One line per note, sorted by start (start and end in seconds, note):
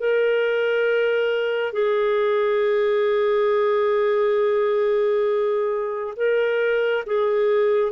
0.00 1.73 A#4
1.73 6.14 G#4
6.16 7.04 A#4
7.06 7.92 G#4